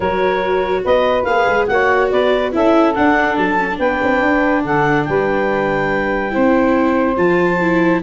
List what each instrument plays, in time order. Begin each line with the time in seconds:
0.00 tuba F#3, viola F#4, saxophone A#4, clarinet C#5
0.83 tuba B3, saxophone B4, clarinet D#5
1.24 tuba A#3, viola G#4, clarinet F5
1.47 tuba G#3
1.67 tuba A#3, viola F#4, saxophone C#5, clarinet F#5
2.10 tuba B3, saxophone B4, clarinet D5
2.51 tuba C#4, viola E4, saxophone A4, clarinet E5
2.94 viola D4, tuba D4, clarinet F#5
3.36 tuba F#3, clarinet A5
3.59 viola C#4
3.71 viola D4
3.78 tuba B3, saxophone B4, clarinet G5
4.02 tuba C4
4.22 tuba D4
4.64 tuba D3, saxophone A4, clarinet F#5
5.04 tuba G3, saxophone B4, clarinet G5
6.30 tuba C4, viola E4, saxophone C5
7.16 tuba F3, viola F4, clarinet A5
7.61 viola E4